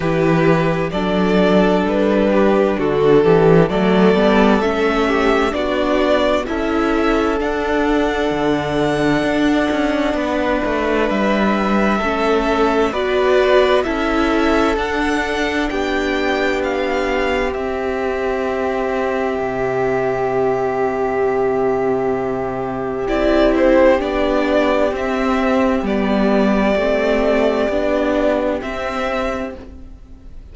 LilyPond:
<<
  \new Staff \with { instrumentName = "violin" } { \time 4/4 \tempo 4 = 65 b'4 d''4 b'4 a'4 | d''4 e''4 d''4 e''4 | fis''1 | e''2 d''4 e''4 |
fis''4 g''4 f''4 e''4~ | e''1~ | e''4 d''8 c''8 d''4 e''4 | d''2. e''4 | }
  \new Staff \with { instrumentName = "violin" } { \time 4/4 g'4 a'4. g'8 fis'8 g'8 | a'4. g'8 fis'4 a'4~ | a'2. b'4~ | b'4 a'4 b'4 a'4~ |
a'4 g'2.~ | g'1~ | g'1~ | g'1 | }
  \new Staff \with { instrumentName = "viola" } { \time 4/4 e'4 d'2. | a8 b8 cis'4 d'4 e'4 | d'1~ | d'4 cis'4 fis'4 e'4 |
d'2. c'4~ | c'1~ | c'4 e'4 d'4 c'4 | b4 c'4 d'4 c'4 | }
  \new Staff \with { instrumentName = "cello" } { \time 4/4 e4 fis4 g4 d8 e8 | fis8 g8 a4 b4 cis'4 | d'4 d4 d'8 cis'8 b8 a8 | g4 a4 b4 cis'4 |
d'4 b2 c'4~ | c'4 c2.~ | c4 c'4 b4 c'4 | g4 a4 b4 c'4 | }
>>